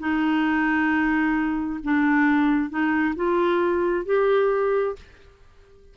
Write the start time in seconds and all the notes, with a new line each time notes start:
0.00 D#4
1.84 D4
2.70 D#4
3.16 F4
4.06 G4